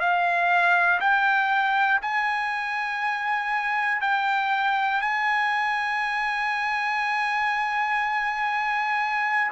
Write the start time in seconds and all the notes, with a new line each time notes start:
0.00 F5
1.00 G5
2.02 G#5
4.02 G5
5.02 G#5